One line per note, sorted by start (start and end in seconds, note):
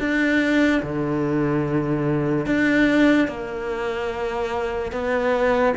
0.00 0.82 D4
0.83 2.46 D3
2.46 3.28 D4
3.28 4.92 A#3
4.92 5.75 B3